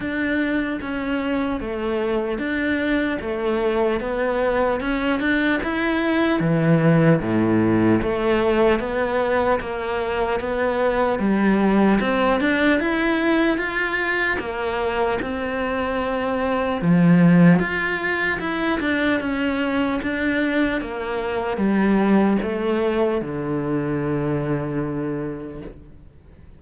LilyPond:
\new Staff \with { instrumentName = "cello" } { \time 4/4 \tempo 4 = 75 d'4 cis'4 a4 d'4 | a4 b4 cis'8 d'8 e'4 | e4 a,4 a4 b4 | ais4 b4 g4 c'8 d'8 |
e'4 f'4 ais4 c'4~ | c'4 f4 f'4 e'8 d'8 | cis'4 d'4 ais4 g4 | a4 d2. | }